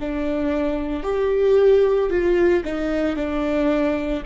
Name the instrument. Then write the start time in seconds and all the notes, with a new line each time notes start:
viola
0.00 D4
1.03 G4
2.10 F4
2.64 D#4
3.16 D4